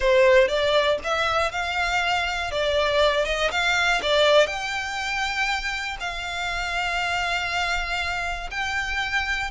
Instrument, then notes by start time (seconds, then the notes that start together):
violin
0.00 C5
0.48 D5
1.04 E5
1.51 F5
2.51 D5
3.25 D#5
3.51 F5
4.02 D5
4.46 G5
6.00 F5
8.50 G5